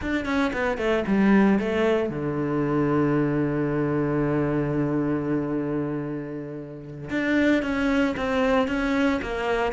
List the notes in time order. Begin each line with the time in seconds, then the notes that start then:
0.01 D4
0.25 C#4
0.53 B3
0.77 A3
1.07 G3
1.59 A3
2.09 D3
7.10 D4
7.62 C#4
8.16 C4
8.67 C#4
9.22 A#3